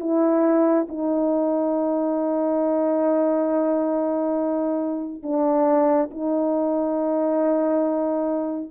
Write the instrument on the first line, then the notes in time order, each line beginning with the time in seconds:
horn
0.00 E4
0.89 D#4
5.23 D4
6.11 D#4